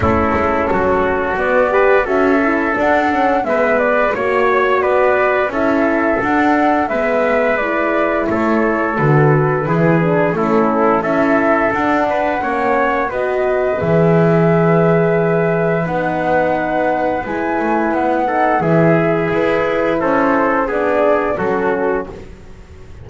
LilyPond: <<
  \new Staff \with { instrumentName = "flute" } { \time 4/4 \tempo 4 = 87 a'2 d''4 e''4 | fis''4 e''8 d''8 cis''4 d''4 | e''4 fis''4 e''4 d''4 | cis''4 b'2 a'4 |
e''4 fis''2 dis''4 | e''2. fis''4~ | fis''4 gis''4 fis''4 e''4 | b'4 c''4 d''4 a'4 | }
  \new Staff \with { instrumentName = "trumpet" } { \time 4/4 e'4 fis'4. b'8 a'4~ | a'4 b'4 cis''4 b'4 | a'2 b'2 | a'2 gis'4 e'4 |
a'4. b'8 cis''4 b'4~ | b'1~ | b'2~ b'8 a'8 gis'4~ | gis'4 a'4 gis'4 fis'4 | }
  \new Staff \with { instrumentName = "horn" } { \time 4/4 cis'2 b8 g'8 fis'8 e'8 | d'8 cis'8 b4 fis'2 | e'4 d'4 b4 e'4~ | e'4 fis'4 e'8 d'8 cis'4 |
e'4 d'4 cis'4 fis'4 | gis'2. dis'4~ | dis'4 e'4. dis'8 e'4~ | e'2 d'4 cis'4 | }
  \new Staff \with { instrumentName = "double bass" } { \time 4/4 a8 gis8 fis4 b4 cis'4 | d'4 gis4 ais4 b4 | cis'4 d'4 gis2 | a4 d4 e4 a4 |
cis'4 d'4 ais4 b4 | e2. b4~ | b4 gis8 a8 b4 e4 | e'4 cis'4 b4 fis4 | }
>>